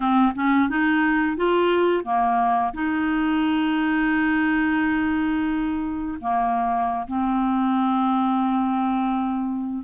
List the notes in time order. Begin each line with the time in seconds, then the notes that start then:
0.00 C4
0.34 C#4
0.69 D#4
1.36 F4
2.04 A#3
2.73 D#4
6.20 A#3
7.07 C4